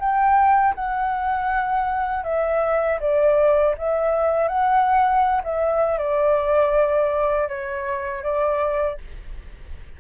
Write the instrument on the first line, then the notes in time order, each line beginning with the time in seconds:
flute
0.00 G5
0.75 F#5
2.24 E5
3.00 D5
3.78 E5
4.48 F#5
5.44 E5
5.99 D5
7.49 C#5
8.23 D5